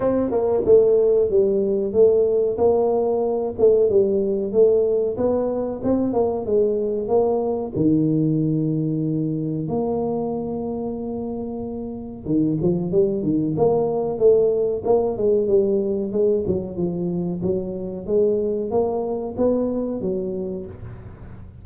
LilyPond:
\new Staff \with { instrumentName = "tuba" } { \time 4/4 \tempo 4 = 93 c'8 ais8 a4 g4 a4 | ais4. a8 g4 a4 | b4 c'8 ais8 gis4 ais4 | dis2. ais4~ |
ais2. dis8 f8 | g8 dis8 ais4 a4 ais8 gis8 | g4 gis8 fis8 f4 fis4 | gis4 ais4 b4 fis4 | }